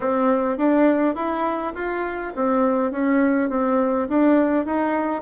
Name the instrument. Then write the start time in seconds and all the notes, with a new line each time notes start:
bassoon
0.00 C4
0.57 D4
1.15 E4
1.74 F4
2.35 C4
2.91 C#4
3.50 C4
4.09 D4
4.65 D#4